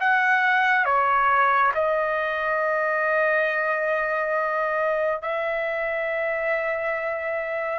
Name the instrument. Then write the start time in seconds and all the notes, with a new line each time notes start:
trumpet
0.00 F#5
0.85 C#5
1.75 D#5
5.22 E5